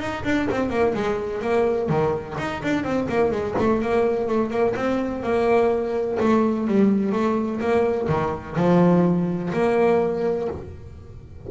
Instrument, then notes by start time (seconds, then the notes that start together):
double bass
0.00 D#4
0.24 D4
0.51 C4
0.70 A#3
0.94 G#3
1.41 A#3
1.89 D#3
2.38 D#4
2.63 D4
2.84 C4
3.09 A#3
3.31 G#3
3.58 A3
3.82 A#3
4.28 A3
4.50 A#3
4.76 C4
5.23 A#3
6.20 A3
6.67 G3
7.12 A3
7.60 A#3
8.08 D#3
8.56 F3
9.53 A#3